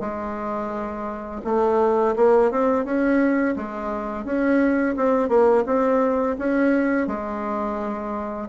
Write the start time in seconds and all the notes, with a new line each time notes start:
0.00 G#3
1.44 A3
2.16 A#3
2.51 C4
2.84 C#4
3.56 G#3
4.24 C#4
4.96 C4
5.28 A#3
5.66 C4
6.38 C#4
7.07 G#3